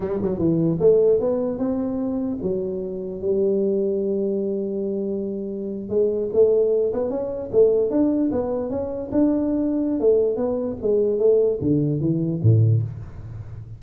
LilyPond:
\new Staff \with { instrumentName = "tuba" } { \time 4/4 \tempo 4 = 150 g8 fis8 e4 a4 b4 | c'2 fis2 | g1~ | g2~ g8. gis4 a16~ |
a4~ a16 b8 cis'4 a4 d'16~ | d'8. b4 cis'4 d'4~ d'16~ | d'4 a4 b4 gis4 | a4 d4 e4 a,4 | }